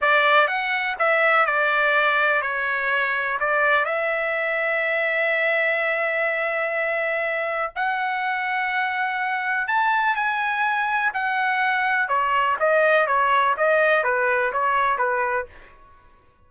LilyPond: \new Staff \with { instrumentName = "trumpet" } { \time 4/4 \tempo 4 = 124 d''4 fis''4 e''4 d''4~ | d''4 cis''2 d''4 | e''1~ | e''1 |
fis''1 | a''4 gis''2 fis''4~ | fis''4 cis''4 dis''4 cis''4 | dis''4 b'4 cis''4 b'4 | }